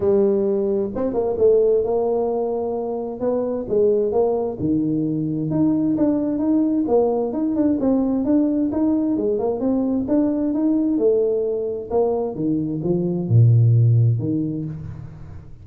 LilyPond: \new Staff \with { instrumentName = "tuba" } { \time 4/4 \tempo 4 = 131 g2 c'8 ais8 a4 | ais2. b4 | gis4 ais4 dis2 | dis'4 d'4 dis'4 ais4 |
dis'8 d'8 c'4 d'4 dis'4 | gis8 ais8 c'4 d'4 dis'4 | a2 ais4 dis4 | f4 ais,2 dis4 | }